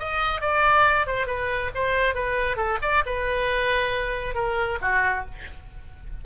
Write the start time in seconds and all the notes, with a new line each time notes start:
0.00 D#5
0.42 D5
1.07 C5
1.27 B4
1.75 C5
2.15 B4
2.57 A4
2.82 D5
3.06 B4
4.35 A#4
4.82 F#4